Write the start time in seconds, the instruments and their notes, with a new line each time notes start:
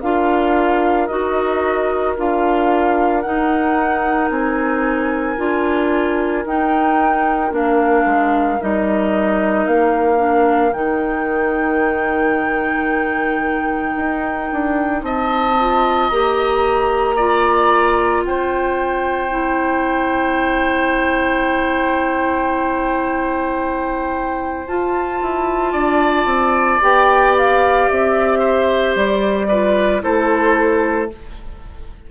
0.00 bassoon D4, clarinet F4, oboe A#4, flute F5
1.07 bassoon D#4, clarinet F#4, flute D#5
2.17 bassoon D4, clarinet F4, flute F5
3.21 clarinet D#4, bassoon D#4, flute F#5
4.30 bassoon C4, flute G#5
5.37 bassoon D4, clarinet F4
6.45 bassoon D#4, clarinet D#4, flute G5
7.51 bassoon A#3, clarinet D4, flute F5
8.05 bassoon G#3
8.60 bassoon G3, clarinet D#4, flute D#5
9.66 bassoon A#3, flute F5
10.17 clarinet D4
10.73 bassoon D#3, clarinet D#4, flute G5
13.96 bassoon D#4
14.52 bassoon D4
15.02 bassoon C4, oboe D#5, flute A5
15.59 clarinet F4
16.09 bassoon A#3, clarinet G4, flute A#5
17.16 clarinet F4, oboe D5
18.23 bassoon C4, oboe C5, flute G5
19.30 clarinet E4
24.67 bassoon F4, clarinet F4, flute A5
25.21 bassoon E4
25.72 bassoon D4, oboe D5
26.25 bassoon C4
26.81 bassoon B3, clarinet G4, flute G5
27.37 flute F5
27.88 bassoon C4, flute E5
28.39 oboe C5
28.95 bassoon G3, flute D5
29.48 clarinet F4, oboe B4
30.01 bassoon A3, clarinet E4, oboe A4, flute C5